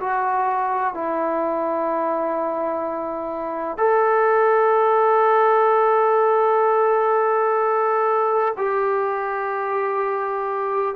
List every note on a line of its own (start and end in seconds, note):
0.00 0.94 F#4
0.94 3.78 E4
3.78 8.54 A4
8.58 10.96 G4